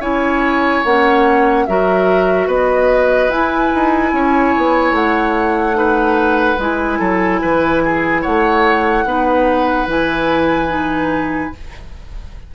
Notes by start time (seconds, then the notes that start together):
0.00 C#4 E4 C#5 G#5
0.84 A#3 C#4 F#5
1.66 F#3 F#4 A#4 E5
2.47 B3 B4 D#5
3.29 E4 G#5
3.74 D#4
4.12 C#4 C#5
4.57 B3
4.92 A3 F#5
5.73 D#4 B4
6.58 G#3 E4 G#5
6.99 F#3 A4
7.42 E3 B4
7.85 G#4
8.22 A3 C#5 F#5
9.05 B3 D#4 B4
9.87 E3 E4 G#5
10.68 D#4